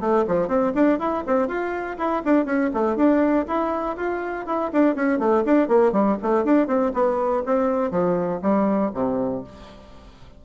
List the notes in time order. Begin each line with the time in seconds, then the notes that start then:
0.00 A3
0.27 F3
0.48 C4
0.75 D4
0.99 E4
1.26 C4
1.48 F4
1.98 E4
2.25 D4
2.45 C#4
2.74 A3
2.96 D4
3.47 E4
3.97 F4
4.46 E4
4.73 D4
4.95 C#4
5.19 A3
5.45 D4
5.68 A#3
5.92 G3
6.22 A3
6.44 D4
6.67 C4
6.94 B3
7.46 C4
7.91 F3
8.42 G3
8.94 C3